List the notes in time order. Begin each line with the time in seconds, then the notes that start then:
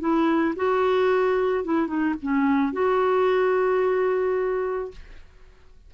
0.00 E4
0.56 F#4
1.64 E4
1.87 D#4
2.22 C#4
2.73 F#4